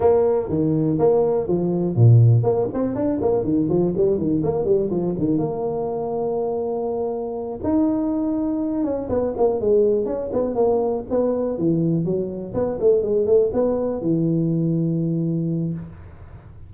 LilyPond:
\new Staff \with { instrumentName = "tuba" } { \time 4/4 \tempo 4 = 122 ais4 dis4 ais4 f4 | ais,4 ais8 c'8 d'8 ais8 dis8 f8 | g8 dis8 ais8 g8 f8 dis8 ais4~ | ais2.~ ais8 dis'8~ |
dis'2 cis'8 b8 ais8 gis8~ | gis8 cis'8 b8 ais4 b4 e8~ | e8 fis4 b8 a8 gis8 a8 b8~ | b8 e2.~ e8 | }